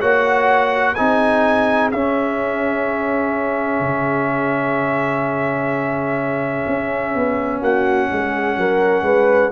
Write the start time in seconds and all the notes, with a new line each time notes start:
0.00 A#3 F#4 C#5 F#5
0.94 C4 D#4 G#4 G#5
1.91 C#4 E5
3.80 C#3
6.67 C#4
7.14 B3
7.61 A#3 F#4 F#5
8.11 G#3 G#4
8.57 F#3 A#4
9.02 G#3 B4